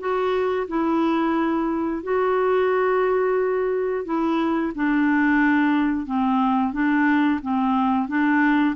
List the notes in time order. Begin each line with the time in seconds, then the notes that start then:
0.00 F#4
0.68 E4
2.03 F#4
4.05 E4
4.76 D4
6.07 C4
6.73 D4
7.42 C4
8.08 D4